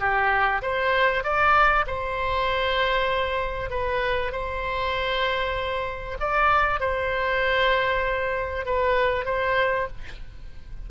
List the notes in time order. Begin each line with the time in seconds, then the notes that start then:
0.00 G4
0.62 C5
1.24 D5
1.87 C5
3.70 B4
4.32 C5
6.20 D5
6.80 C5
8.66 B4
9.26 C5